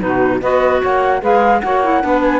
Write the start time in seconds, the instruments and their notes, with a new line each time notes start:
0.00 cello B2, clarinet D#4, saxophone F#4, flute B4
0.41 cello B3, clarinet F#4, saxophone B4, flute D#5
0.81 cello A#3, saxophone C#5, flute F#5
1.21 cello G#3, clarinet G#4, saxophone B4, flute F5
1.59 cello A#3, clarinet F#4, saxophone C#5, flute F#5
1.83 clarinet E4
2.02 cello B3, clarinet D4, saxophone B4
2.21 flute G#5